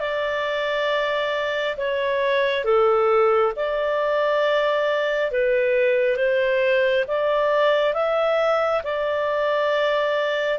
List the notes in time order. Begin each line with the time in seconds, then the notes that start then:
0.00 D5
1.77 C#5
2.65 A4
3.57 D5
5.32 B4
6.17 C5
7.08 D5
7.94 E5
8.84 D5